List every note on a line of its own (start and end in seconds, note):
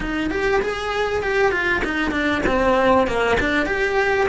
0.00 0.30 D#4
0.30 0.61 G4
0.61 1.22 G#4
1.22 1.51 G4
1.51 1.82 F4
1.84 2.11 D#4
2.11 2.41 D4
2.46 3.07 C4
3.07 3.37 A#3
3.40 3.66 D4
3.66 4.27 G4